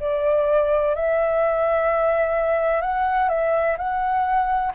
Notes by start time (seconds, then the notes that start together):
0.00 D5
0.95 E5
2.81 F#5
3.29 E5
3.78 F#5